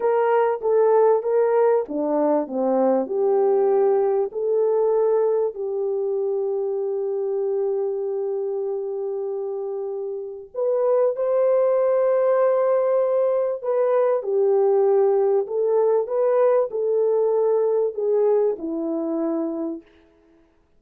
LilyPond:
\new Staff \with { instrumentName = "horn" } { \time 4/4 \tempo 4 = 97 ais'4 a'4 ais'4 d'4 | c'4 g'2 a'4~ | a'4 g'2.~ | g'1~ |
g'4 b'4 c''2~ | c''2 b'4 g'4~ | g'4 a'4 b'4 a'4~ | a'4 gis'4 e'2 | }